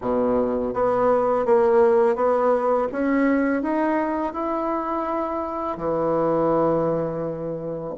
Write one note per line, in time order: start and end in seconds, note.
0.01 0.73 B2
0.73 1.45 B3
1.45 2.15 A#3
2.15 2.87 B3
2.91 3.62 C#4
3.62 4.33 D#4
4.33 5.77 E4
5.77 7.94 E3